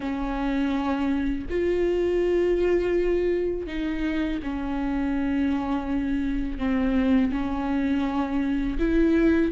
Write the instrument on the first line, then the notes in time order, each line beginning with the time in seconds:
viola
0.00 C#4
1.49 F4
3.66 D#4
4.42 C#4
6.58 C4
7.31 C#4
8.78 E4